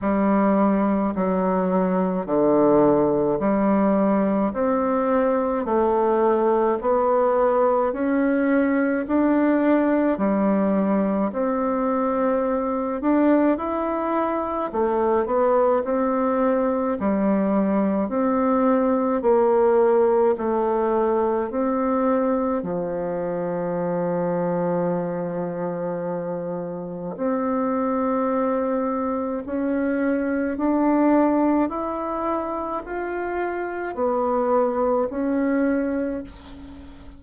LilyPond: \new Staff \with { instrumentName = "bassoon" } { \time 4/4 \tempo 4 = 53 g4 fis4 d4 g4 | c'4 a4 b4 cis'4 | d'4 g4 c'4. d'8 | e'4 a8 b8 c'4 g4 |
c'4 ais4 a4 c'4 | f1 | c'2 cis'4 d'4 | e'4 f'4 b4 cis'4 | }